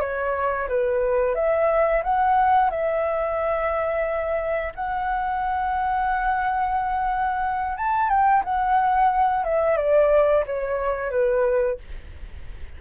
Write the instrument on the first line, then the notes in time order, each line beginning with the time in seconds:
flute
0.00 C#5
0.68 B4
1.35 E5
2.03 F#5
2.70 E5
4.75 F#5
7.77 A5
8.09 G5
8.44 F#5
9.44 E5
9.77 D5
10.46 C#5
11.10 B4